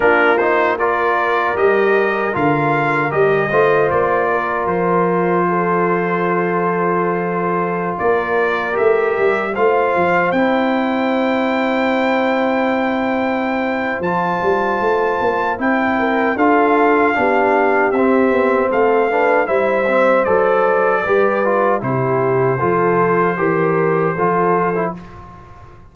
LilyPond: <<
  \new Staff \with { instrumentName = "trumpet" } { \time 4/4 \tempo 4 = 77 ais'8 c''8 d''4 dis''4 f''4 | dis''4 d''4 c''2~ | c''2~ c''16 d''4 e''8.~ | e''16 f''4 g''2~ g''8.~ |
g''2 a''2 | g''4 f''2 e''4 | f''4 e''4 d''2 | c''1 | }
  \new Staff \with { instrumentName = "horn" } { \time 4/4 f'4 ais'2.~ | ais'8 c''4 ais'4. a'4~ | a'2~ a'16 ais'4.~ ais'16~ | ais'16 c''2.~ c''8.~ |
c''1~ | c''8 ais'8 a'4 g'2 | a'8 b'8 c''2 b'4 | g'4 a'4 ais'4 a'4 | }
  \new Staff \with { instrumentName = "trombone" } { \time 4/4 d'8 dis'8 f'4 g'4 f'4 | g'8 f'2.~ f'8~ | f'2.~ f'16 g'8.~ | g'16 f'4 e'2~ e'8.~ |
e'2 f'2 | e'4 f'4 d'4 c'4~ | c'8 d'8 e'8 c'8 a'4 g'8 f'8 | e'4 f'4 g'4 f'8. e'16 | }
  \new Staff \with { instrumentName = "tuba" } { \time 4/4 ais2 g4 d4 | g8 a8 ais4 f2~ | f2~ f16 ais4 a8 g16~ | g16 a8 f8 c'2~ c'8.~ |
c'2 f8 g8 a8 ais8 | c'4 d'4 b4 c'8 b8 | a4 g4 fis4 g4 | c4 f4 e4 f4 | }
>>